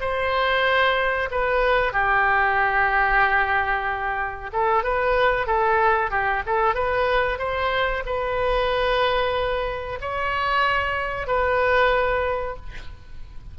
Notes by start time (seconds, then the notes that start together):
0.00 C5
1.31 B4
1.92 G4
4.52 A4
4.83 B4
5.47 A4
6.10 G4
6.46 A4
6.74 B4
7.38 C5
8.06 B4
10.01 C#5
11.27 B4